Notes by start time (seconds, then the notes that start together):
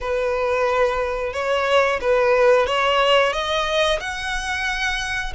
0.01 B4
1.33 C#5
2.00 B4
2.66 C#5
3.32 D#5
4.00 F#5